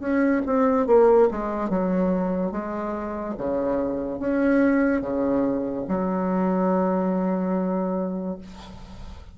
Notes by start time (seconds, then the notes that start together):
0.00 C#4
0.46 C4
0.87 A#3
1.31 G#3
1.70 F#3
2.52 G#3
3.38 C#3
4.20 C#4
5.02 C#3
5.88 F#3